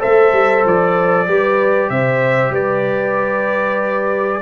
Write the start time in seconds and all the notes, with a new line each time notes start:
0.00 A3 A4 C5 E5
0.33 G3
0.66 F3 D5
1.27 G3 G4 B4
1.90 C3 C5 E5
2.51 G3 B4 D5